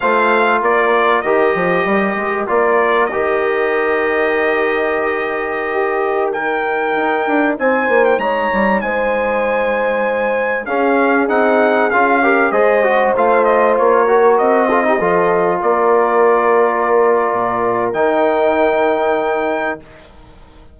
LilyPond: <<
  \new Staff \with { instrumentName = "trumpet" } { \time 4/4 \tempo 4 = 97 f''4 d''4 dis''2 | d''4 dis''2.~ | dis''2~ dis''16 g''4.~ g''16~ | g''16 gis''8. g''16 ais''4 gis''4.~ gis''16~ |
gis''4~ gis''16 f''4 fis''4 f''8.~ | f''16 dis''4 f''8 dis''8 cis''4 dis''8.~ | dis''4~ dis''16 d''2~ d''8.~ | d''4 g''2. | }
  \new Staff \with { instrumentName = "horn" } { \time 4/4 c''4 ais'2.~ | ais'1~ | ais'4~ ais'16 g'4 ais'4.~ ais'16~ | ais'16 c''4 cis''4 c''4.~ c''16~ |
c''4~ c''16 gis'2~ gis'8 ais'16~ | ais'16 c''2~ c''8 ais'4 a'16 | g'16 a'4 ais'2~ ais'8.~ | ais'1 | }
  \new Staff \with { instrumentName = "trombone" } { \time 4/4 f'2 g'2 | f'4 g'2.~ | g'2~ g'16 dis'4.~ dis'16~ | dis'1~ |
dis'4~ dis'16 cis'4 dis'4 f'8 g'16~ | g'16 gis'8 fis'8 f'4. fis'4 f'16 | dis'16 f'2.~ f'8.~ | f'4 dis'2. | }
  \new Staff \with { instrumentName = "bassoon" } { \time 4/4 a4 ais4 dis8 f8 g8 gis8 | ais4 dis2.~ | dis2.~ dis16 dis'8 d'16~ | d'16 c'8 ais8 gis8 g8 gis4.~ gis16~ |
gis4~ gis16 cis'4 c'4 cis'8.~ | cis'16 gis4 a4 ais4 c'8.~ | c'16 f4 ais2~ ais8. | ais,4 dis2. | }
>>